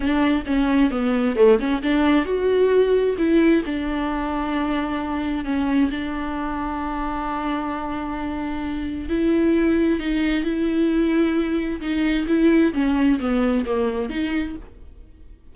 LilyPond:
\new Staff \with { instrumentName = "viola" } { \time 4/4 \tempo 4 = 132 d'4 cis'4 b4 a8 cis'8 | d'4 fis'2 e'4 | d'1 | cis'4 d'2.~ |
d'1 | e'2 dis'4 e'4~ | e'2 dis'4 e'4 | cis'4 b4 ais4 dis'4 | }